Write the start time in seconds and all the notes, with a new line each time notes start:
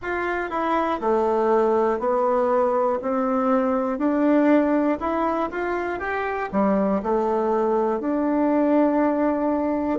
0.01 F4
0.50 E4
1.00 A3
1.99 B3
3.01 C4
3.98 D4
5.00 E4
5.50 F4
5.99 G4
6.52 G3
7.02 A3
8.00 D4